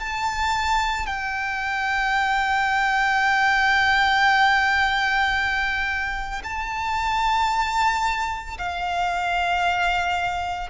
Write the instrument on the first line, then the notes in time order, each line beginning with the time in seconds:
violin
0.00 A5
1.07 G5
6.44 A5
8.59 F5